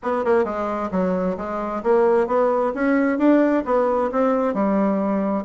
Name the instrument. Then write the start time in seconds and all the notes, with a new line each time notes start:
bassoon
0.02 B3
0.25 A#3
0.44 G#3
0.91 F#3
1.37 G#3
1.83 A#3
2.27 B3
2.74 C#4
3.18 D4
3.65 B3
4.11 C4
4.54 G3